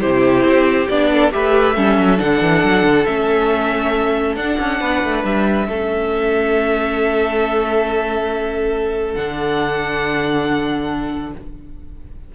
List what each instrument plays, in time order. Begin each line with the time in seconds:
0.00 cello C3, viola E4, violin G4 C5
0.44 cello C4
0.88 cello B3, viola D4, violin D5
1.11 violin A4
1.31 cello A3, viola G4, violin B4 E5
1.75 cello G3, viola C#4, violin A4
1.97 cello F#3
2.17 cello D3, viola D4, violin F#5
2.41 cello E3
2.63 cello F#3
2.83 cello D3
3.05 cello A3, viola C#4, violin E5
4.36 cello D4, viola D4, violin F#5
4.59 cello C#4
4.80 cello B3, violin B4
5.03 cello A3
5.24 cello G3, violin E5
5.67 cello A3, viola C#4, violin A4
9.14 cello D3, viola D4, violin F#5